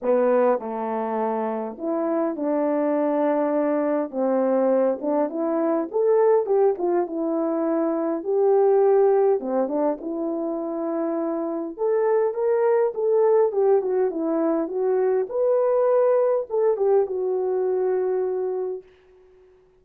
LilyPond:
\new Staff \with { instrumentName = "horn" } { \time 4/4 \tempo 4 = 102 b4 a2 e'4 | d'2. c'4~ | c'8 d'8 e'4 a'4 g'8 f'8 | e'2 g'2 |
c'8 d'8 e'2. | a'4 ais'4 a'4 g'8 fis'8 | e'4 fis'4 b'2 | a'8 g'8 fis'2. | }